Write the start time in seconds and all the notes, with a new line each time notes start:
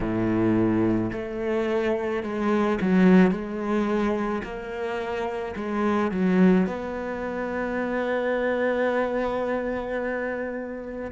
0.00 A2
1.12 A3
2.23 G#3
2.81 F#3
3.31 G#3
4.43 A#3
5.56 G#3
6.11 F#3
6.66 B3